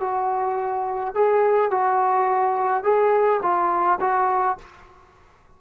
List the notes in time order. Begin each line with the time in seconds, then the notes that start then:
0.00 F#4
1.14 G#4
1.71 F#4
2.84 G#4
3.42 F4
4.01 F#4